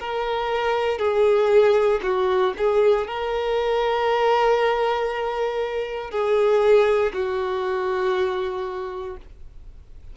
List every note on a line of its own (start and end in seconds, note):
0.00 0.98 A#4
0.98 2.00 G#4
2.03 2.54 F#4
2.58 3.07 G#4
3.07 6.11 A#4
6.11 7.13 G#4
7.14 9.17 F#4